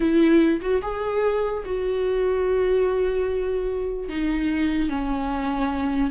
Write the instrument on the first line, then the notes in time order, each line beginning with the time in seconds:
viola
0.00 E4
0.61 F#4
0.81 G#4
1.65 F#4
4.09 D#4
4.89 C#4